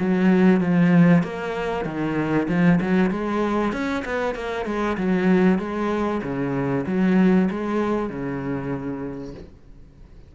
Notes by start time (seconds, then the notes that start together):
0.00 F#3
0.61 F3
1.23 A#3
1.85 D#3
2.48 F3
2.81 F#3
3.11 G#3
3.73 C#4
4.05 B3
4.35 A#3
4.66 G#3
4.98 F#3
5.59 G#3
6.23 C#3
6.87 F#3
7.51 G#3
8.09 C#3